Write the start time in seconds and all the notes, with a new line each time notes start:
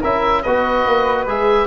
0.00 C#4 E4 A#4 E5
0.43 B3 F#4 B4 D#5
0.86 A#3
1.26 G#3 G#4 E5